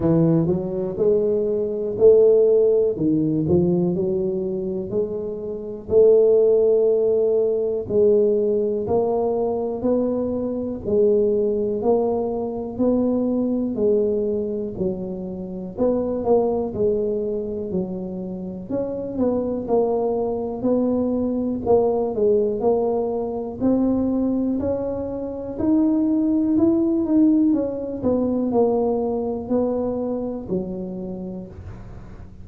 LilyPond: \new Staff \with { instrumentName = "tuba" } { \time 4/4 \tempo 4 = 61 e8 fis8 gis4 a4 dis8 f8 | fis4 gis4 a2 | gis4 ais4 b4 gis4 | ais4 b4 gis4 fis4 |
b8 ais8 gis4 fis4 cis'8 b8 | ais4 b4 ais8 gis8 ais4 | c'4 cis'4 dis'4 e'8 dis'8 | cis'8 b8 ais4 b4 fis4 | }